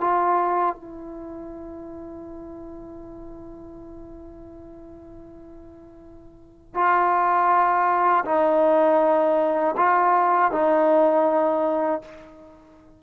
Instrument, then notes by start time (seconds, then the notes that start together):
trombone
0.00 F4
0.75 E4
6.74 F4
8.25 D#4
9.77 F4
10.51 D#4